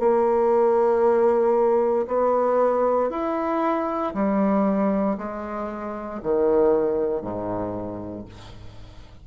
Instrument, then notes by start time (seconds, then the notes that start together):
bassoon
0.00 A#3
2.07 B3
3.10 E4
4.14 G3
5.18 G#3
6.23 D#3
7.22 G#2